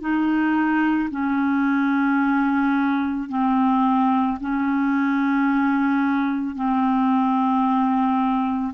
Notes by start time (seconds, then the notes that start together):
0.00 D#4
1.10 C#4
3.29 C4
4.40 C#4
6.55 C4